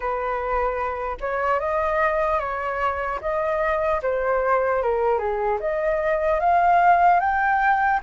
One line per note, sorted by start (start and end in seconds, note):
0.00 1.17 B4
1.20 1.59 C#5
1.59 2.39 D#5
2.39 3.19 C#5
3.21 4.01 D#5
4.02 4.82 C5
4.82 5.18 A#4
5.18 5.58 G#4
5.60 6.40 D#5
6.40 7.20 F5
7.20 8.00 G5